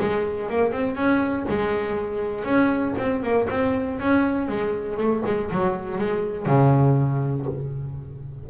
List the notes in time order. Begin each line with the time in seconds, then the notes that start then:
0.00 G#3
0.50 A#3
0.72 C4
0.96 C#4
1.49 G#3
2.45 C#4
2.98 C4
3.23 A#3
3.50 C4
4.00 C#4
4.49 G#3
4.97 A3
5.26 G#3
5.51 F#3
5.98 G#3
6.46 C#3